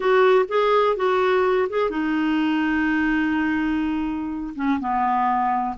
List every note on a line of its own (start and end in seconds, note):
0.00 0.45 F#4
0.48 0.96 G#4
0.96 1.68 F#4
1.69 1.90 G#4
1.90 4.54 D#4
4.55 4.79 C#4
4.80 5.76 B3